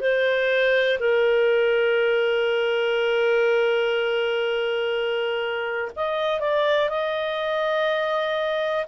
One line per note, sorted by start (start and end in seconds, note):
0.00 0.98 C5
0.99 5.91 A#4
5.96 6.40 D#5
6.40 6.89 D5
6.89 8.86 D#5